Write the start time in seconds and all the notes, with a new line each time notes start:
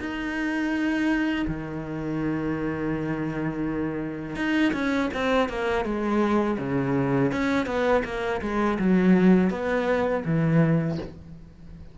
0.00 D#4
1.48 D#3
4.36 D#4
4.74 C#4
5.14 C4
5.49 A#3
5.85 G#3
6.59 C#3
7.32 C#4
7.67 B3
8.05 A#3
8.42 G#3
8.79 F#3
9.51 B3
10.25 E3